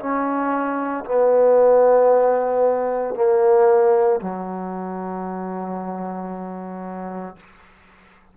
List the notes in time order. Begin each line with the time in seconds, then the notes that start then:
0.00 C#4
1.06 B3
3.15 A#3
4.21 F#3